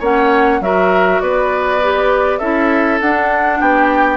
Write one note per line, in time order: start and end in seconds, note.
0.00 0.61 A#3
0.00 0.62 C#4
0.00 0.60 C#5
0.00 0.62 F#5
0.61 1.21 F#3
0.61 1.82 F#4
0.61 1.23 A#4
0.61 1.21 E5
1.21 2.41 B3
1.21 2.40 B4
1.21 2.39 D5
1.83 2.41 G4
2.39 3.01 C#4
2.39 3.01 E4
2.39 3.60 A4
2.39 2.99 E5
3.01 3.61 D4
3.01 4.17 D4
3.01 3.61 F#5
3.60 4.17 B3
3.60 4.17 G4
3.60 4.17 G5